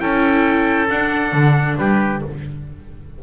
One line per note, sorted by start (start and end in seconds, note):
0.00 0.90 C#4
0.00 0.88 E4
0.00 1.78 A4
0.00 0.89 G5
0.89 2.22 D4
0.89 1.33 D4
0.89 1.78 F#5
1.33 1.77 D3
1.78 2.22 G3
1.78 2.23 G4
1.78 2.22 B4